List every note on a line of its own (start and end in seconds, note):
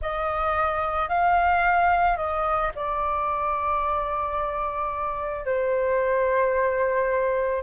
0.01 1.09 D#5
1.09 2.17 F5
2.17 2.71 D#5
2.75 5.45 D5
5.45 7.63 C5